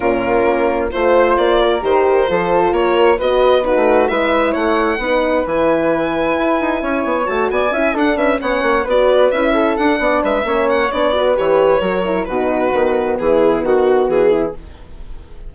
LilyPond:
<<
  \new Staff \with { instrumentName = "violin" } { \time 4/4 \tempo 4 = 132 ais'2 c''4 d''4 | c''2 cis''4 dis''4 | b'4 e''4 fis''2 | gis''1 |
a''8 gis''4 fis''8 e''8 fis''4 d''8~ | d''8 e''4 fis''4 e''4 fis''8 | d''4 cis''2 b'4~ | b'4 gis'4 fis'4 gis'4 | }
  \new Staff \with { instrumentName = "flute" } { \time 4/4 f'2 c''4. ais'8~ | ais'4 a'4 ais'4 b'4 | fis'4 b'4 cis''4 b'4~ | b'2. cis''4~ |
cis''8 d''8 e''8 a'8 b'8 cis''4 b'8~ | b'4 a'4 d''8 b'8 cis''4~ | cis''8 b'4. ais'4 fis'4~ | fis'4 e'4 fis'4. e'8 | }
  \new Staff \with { instrumentName = "horn" } { \time 4/4 cis'2 f'2 | g'4 f'2 fis'4 | dis'4 e'2 dis'4 | e'1 |
fis'4 e'8 d'4 cis'4 fis'8~ | fis'8 e'4 d'4. cis'4 | d'8 fis'8 g'4 fis'8 e'8 dis'4 | b1 | }
  \new Staff \with { instrumentName = "bassoon" } { \time 4/4 ais,4 ais4 a4 ais4 | dis4 f4 ais4 b4~ | b16 a8. gis4 a4 b4 | e2 e'8 dis'8 cis'8 b8 |
a8 b8 cis'8 d'8 cis'8 b8 ais8 b8~ | b8 cis'4 d'8 b8 gis8 ais4 | b4 e4 fis4 b,4 | dis4 e4 dis4 e4 | }
>>